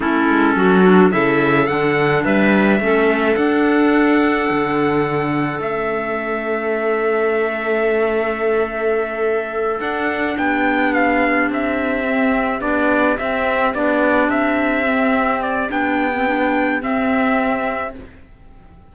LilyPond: <<
  \new Staff \with { instrumentName = "trumpet" } { \time 4/4 \tempo 4 = 107 a'2 e''4 fis''4 | e''2 fis''2~ | fis''2 e''2~ | e''1~ |
e''4. fis''4 g''4 f''8~ | f''8 e''2 d''4 e''8~ | e''8 d''4 e''2 d''8 | g''2 e''2 | }
  \new Staff \with { instrumentName = "clarinet" } { \time 4/4 e'4 fis'4 a'2 | b'4 a'2.~ | a'1~ | a'1~ |
a'2~ a'8 g'4.~ | g'1~ | g'1~ | g'1 | }
  \new Staff \with { instrumentName = "clarinet" } { \time 4/4 cis'4. d'8 e'4 d'4~ | d'4 cis'4 d'2~ | d'2 cis'2~ | cis'1~ |
cis'4. d'2~ d'8~ | d'4. c'4 d'4 c'8~ | c'8 d'2 c'4. | d'8. c'16 d'4 c'2 | }
  \new Staff \with { instrumentName = "cello" } { \time 4/4 a8 gis8 fis4 cis4 d4 | g4 a4 d'2 | d2 a2~ | a1~ |
a4. d'4 b4.~ | b8 c'2 b4 c'8~ | c'8 b4 c'2~ c'8 | b2 c'2 | }
>>